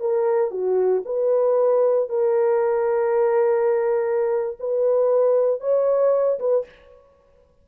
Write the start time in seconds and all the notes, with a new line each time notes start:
0.00 A#4
0.51 F#4
1.05 B4
2.09 A#4
4.59 B4
5.60 C#5
6.39 B4